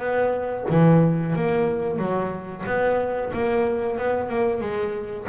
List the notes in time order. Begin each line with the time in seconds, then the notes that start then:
0.00 B3
0.70 E3
1.36 A#3
1.99 F#3
2.66 B3
3.34 A#3
3.99 B3
4.30 A#3
4.62 G#3